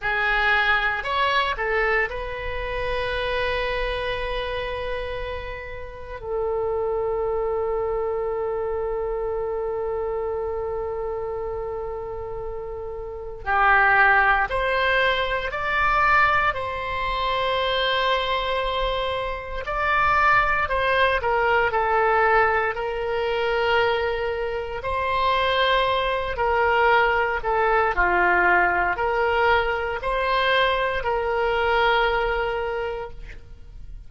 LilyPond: \new Staff \with { instrumentName = "oboe" } { \time 4/4 \tempo 4 = 58 gis'4 cis''8 a'8 b'2~ | b'2 a'2~ | a'1~ | a'4 g'4 c''4 d''4 |
c''2. d''4 | c''8 ais'8 a'4 ais'2 | c''4. ais'4 a'8 f'4 | ais'4 c''4 ais'2 | }